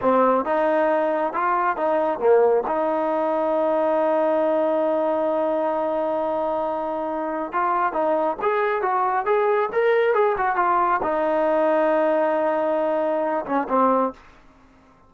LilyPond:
\new Staff \with { instrumentName = "trombone" } { \time 4/4 \tempo 4 = 136 c'4 dis'2 f'4 | dis'4 ais4 dis'2~ | dis'1~ | dis'1~ |
dis'4 f'4 dis'4 gis'4 | fis'4 gis'4 ais'4 gis'8 fis'8 | f'4 dis'2.~ | dis'2~ dis'8 cis'8 c'4 | }